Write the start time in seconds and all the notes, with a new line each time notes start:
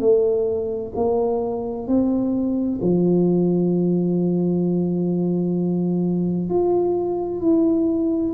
0.00 A3
0.96 A#3
1.88 C4
2.82 F3
6.50 F4
7.41 E4